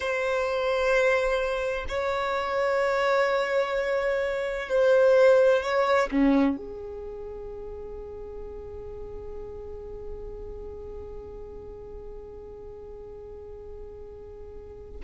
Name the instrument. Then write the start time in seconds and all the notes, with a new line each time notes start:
violin
0.00 C5
1.88 C#5
4.69 C5
5.62 C#5
6.11 C#4
6.56 G#4